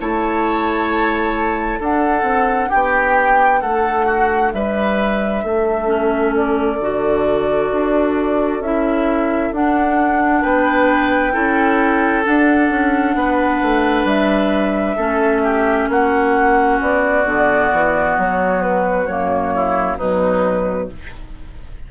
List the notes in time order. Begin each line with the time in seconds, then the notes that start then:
0.00 A3 E4 C#5 A5
1.80 D4 A4 F#5
2.23 C4
2.69 B3 G4 G5
3.61 A3 A4 F#5
4.06 F#4
4.53 G3 B4 E5
5.44 A3 A4
5.87 C#4
6.36 D5
6.78 D3 F#4
7.72 D4
8.60 C#4 E4 E5
9.52 D4 F#5
10.42 B3 B4 G5
11.33 C#4 E4 A4
12.25 D4 F#5
12.70 C#4
13.15 B3 B4
13.62 A3
14.04 G3 E5
14.96 A3 C#4 A4
15.43 G4
15.89 A#3 F#4 F#5
16.81 B3 D5
17.25 D3 B3
17.72 E3
18.18 F#3 C#5
18.62 B4
19.06 F#2 A#3 C#5
19.55 E4
19.97 B2 F#3 D#4 B4